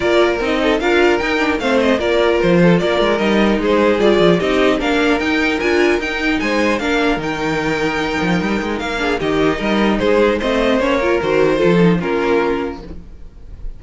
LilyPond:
<<
  \new Staff \with { instrumentName = "violin" } { \time 4/4 \tempo 4 = 150 d''4 dis''4 f''4 g''4 | f''8 dis''8 d''4 c''4 d''4 | dis''4 c''4 d''4 dis''4 | f''4 g''4 gis''4 g''4 |
gis''4 f''4 g''2~ | g''2 f''4 dis''4~ | dis''4 c''4 dis''4 cis''4 | c''2 ais'2 | }
  \new Staff \with { instrumentName = "violin" } { \time 4/4 ais'4. a'8 ais'2 | c''4 ais'4. a'8 ais'4~ | ais'4 gis'2 g'4 | ais'1 |
c''4 ais'2.~ | ais'2~ ais'8 gis'8 g'4 | ais'4 gis'4 c''4. ais'8~ | ais'4 a'4 f'2 | }
  \new Staff \with { instrumentName = "viola" } { \time 4/4 f'4 dis'4 f'4 dis'8 d'8 | c'4 f'2. | dis'2 f'4 dis'4 | d'4 dis'4 f'4 dis'4~ |
dis'4 d'4 dis'2~ | dis'2~ dis'8 d'8 dis'4~ | dis'2 c'4 cis'8 f'8 | fis'4 f'8 dis'8 cis'2 | }
  \new Staff \with { instrumentName = "cello" } { \time 4/4 ais4 c'4 d'4 dis'4 | a4 ais4 f4 ais8 gis8 | g4 gis4 g8 f8 c'4 | ais4 dis'4 d'4 dis'4 |
gis4 ais4 dis2~ | dis8 f8 g8 gis8 ais4 dis4 | g4 gis4 a4 ais4 | dis4 f4 ais2 | }
>>